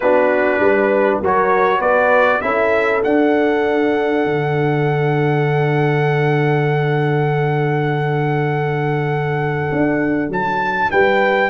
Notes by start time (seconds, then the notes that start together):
0.00 B3 D4 F#4 B4
0.59 G3 B4
1.21 F#3 F#4 A#4 C#5
1.78 B3 B4 D5
2.41 C#4 E4 A4 E5
3.02 D4 F#5
4.25 D3
9.71 D4
10.29 F#3 A5
10.90 G3 B4 G5